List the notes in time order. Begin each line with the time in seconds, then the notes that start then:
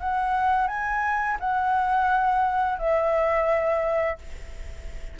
0.00 F#5
0.68 G#5
1.40 F#5
2.78 E5